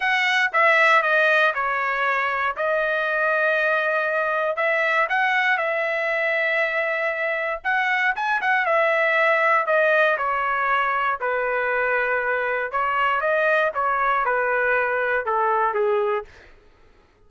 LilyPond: \new Staff \with { instrumentName = "trumpet" } { \time 4/4 \tempo 4 = 118 fis''4 e''4 dis''4 cis''4~ | cis''4 dis''2.~ | dis''4 e''4 fis''4 e''4~ | e''2. fis''4 |
gis''8 fis''8 e''2 dis''4 | cis''2 b'2~ | b'4 cis''4 dis''4 cis''4 | b'2 a'4 gis'4 | }